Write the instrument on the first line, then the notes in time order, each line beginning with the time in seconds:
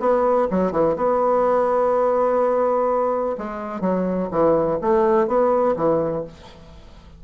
bassoon
0.00 B3
0.51 F#3
0.72 E3
0.96 B3
3.38 G#3
3.81 F#3
4.31 E3
4.82 A3
5.28 B3
5.76 E3